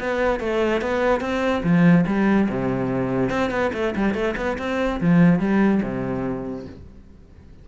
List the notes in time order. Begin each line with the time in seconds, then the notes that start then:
0.00 B3
0.40 A3
0.82 B3
1.21 C4
1.63 F3
2.06 G3
2.49 C3
3.30 C4
3.51 B3
3.74 A3
3.96 G3
4.14 A3
4.37 B3
4.59 C4
5.01 F3
5.39 G3
5.83 C3